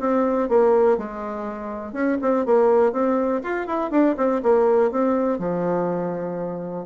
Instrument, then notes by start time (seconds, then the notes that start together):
bassoon
0.00 C4
0.49 A#3
0.98 G#3
1.94 C#4
2.22 C4
2.46 A#3
2.93 C4
3.44 F4
3.67 E4
3.91 D4
4.18 C4
4.43 A#3
4.92 C4
5.39 F3